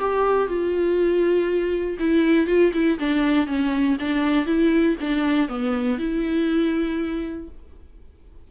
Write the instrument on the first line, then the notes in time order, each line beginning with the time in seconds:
viola
0.00 G4
0.48 F4
2.00 E4
2.48 F4
2.74 E4
3.00 D4
3.47 C#4
4.00 D4
4.46 E4
5.01 D4
5.49 B3
5.99 E4